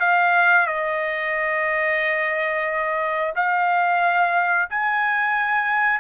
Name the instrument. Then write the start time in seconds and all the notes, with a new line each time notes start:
trumpet
0.00 F5
0.67 D#5
3.36 F5
4.70 G#5